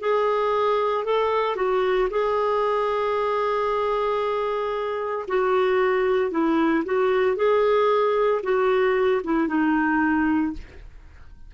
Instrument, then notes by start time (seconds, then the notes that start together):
clarinet
0.00 G#4
1.04 A4
1.56 F#4
2.10 G#4
5.27 F#4
6.31 E4
6.85 F#4
7.36 G#4
8.43 F#4
9.24 E4
9.47 D#4